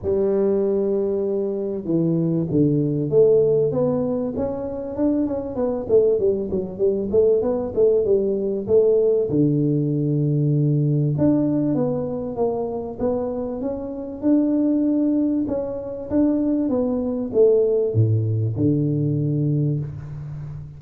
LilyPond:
\new Staff \with { instrumentName = "tuba" } { \time 4/4 \tempo 4 = 97 g2. e4 | d4 a4 b4 cis'4 | d'8 cis'8 b8 a8 g8 fis8 g8 a8 | b8 a8 g4 a4 d4~ |
d2 d'4 b4 | ais4 b4 cis'4 d'4~ | d'4 cis'4 d'4 b4 | a4 a,4 d2 | }